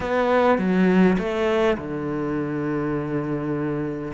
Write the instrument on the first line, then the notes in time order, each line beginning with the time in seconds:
cello
0.00 B3
0.58 F#3
1.18 A3
1.77 D3